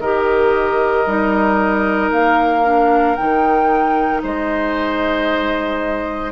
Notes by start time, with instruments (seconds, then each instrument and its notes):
0.00 bassoon D#3, clarinet G4, oboe A#4, flute D#5
1.06 bassoon G3, clarinet D#4
2.11 bassoon A#3, flute F5
2.64 clarinet D4
3.16 bassoon D#3, clarinet D#4, flute G5
4.23 bassoon G#3, oboe C5, flute D#5